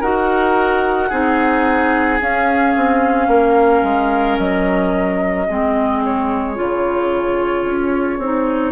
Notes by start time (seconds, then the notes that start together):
0.00 D#4 F#4 A#4 F#5
1.09 C4 D#4 G#4
2.20 C#4 F5
2.76 C4
3.27 A#3 A#4
3.83 G#3
4.38 F#3 D#5
5.47 G#3 C4 G#4
6.04 C#5
6.55 C#3 F4
7.65 C#4
8.18 C4 D#4